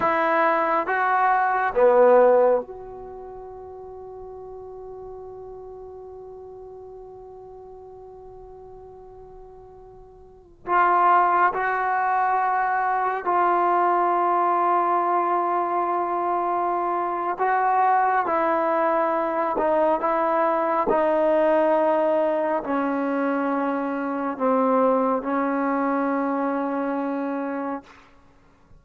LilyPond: \new Staff \with { instrumentName = "trombone" } { \time 4/4 \tempo 4 = 69 e'4 fis'4 b4 fis'4~ | fis'1~ | fis'1~ | fis'16 f'4 fis'2 f'8.~ |
f'1 | fis'4 e'4. dis'8 e'4 | dis'2 cis'2 | c'4 cis'2. | }